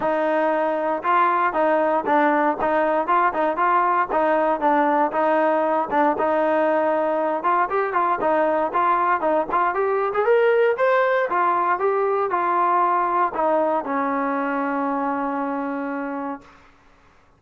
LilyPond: \new Staff \with { instrumentName = "trombone" } { \time 4/4 \tempo 4 = 117 dis'2 f'4 dis'4 | d'4 dis'4 f'8 dis'8 f'4 | dis'4 d'4 dis'4. d'8 | dis'2~ dis'8 f'8 g'8 f'8 |
dis'4 f'4 dis'8 f'8 g'8. gis'16 | ais'4 c''4 f'4 g'4 | f'2 dis'4 cis'4~ | cis'1 | }